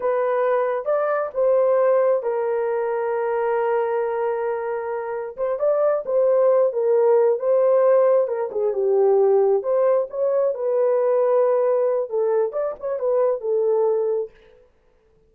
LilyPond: \new Staff \with { instrumentName = "horn" } { \time 4/4 \tempo 4 = 134 b'2 d''4 c''4~ | c''4 ais'2.~ | ais'1 | c''8 d''4 c''4. ais'4~ |
ais'8 c''2 ais'8 gis'8 g'8~ | g'4. c''4 cis''4 b'8~ | b'2. a'4 | d''8 cis''8 b'4 a'2 | }